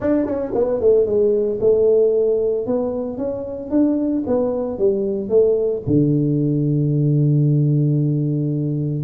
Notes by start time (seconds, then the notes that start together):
0.00 D4
0.25 C#4
0.54 B3
0.80 A3
1.06 G#3
1.60 A3
2.66 B3
3.17 C#4
3.70 D4
4.26 B3
4.78 G3
5.29 A3
5.86 D3